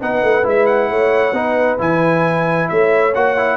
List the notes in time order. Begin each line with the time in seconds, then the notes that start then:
0.00 B3 D#4 B4 F#5
0.22 A3
0.43 G#3 E4 E5
0.66 F#5
0.90 A3 C#5
1.32 B3 D#4 B4
1.78 E3 E4 G#5
2.69 A3 C#5 E5
3.14 A#3 F#4 F#5
3.37 E4